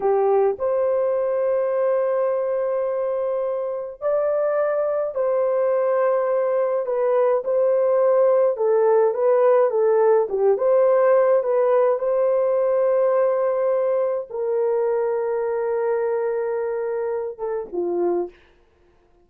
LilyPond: \new Staff \with { instrumentName = "horn" } { \time 4/4 \tempo 4 = 105 g'4 c''2.~ | c''2. d''4~ | d''4 c''2. | b'4 c''2 a'4 |
b'4 a'4 g'8 c''4. | b'4 c''2.~ | c''4 ais'2.~ | ais'2~ ais'8 a'8 f'4 | }